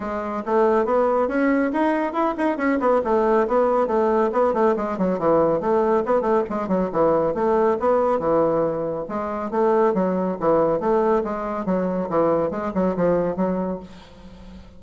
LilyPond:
\new Staff \with { instrumentName = "bassoon" } { \time 4/4 \tempo 4 = 139 gis4 a4 b4 cis'4 | dis'4 e'8 dis'8 cis'8 b8 a4 | b4 a4 b8 a8 gis8 fis8 | e4 a4 b8 a8 gis8 fis8 |
e4 a4 b4 e4~ | e4 gis4 a4 fis4 | e4 a4 gis4 fis4 | e4 gis8 fis8 f4 fis4 | }